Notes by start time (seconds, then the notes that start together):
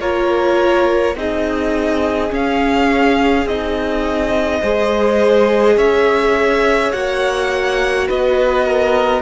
0.00 A#3 F4 A#4 C#5
1.15 C4 D#4 G#4 D#5
2.29 C#4 F5
3.46 C4 D#4 D#5
4.61 G#3 G#4 C5
5.77 C#4 C#5 E5
6.92 A#3 F#4 F#5
8.08 B3 B4 D#5
8.65 A#4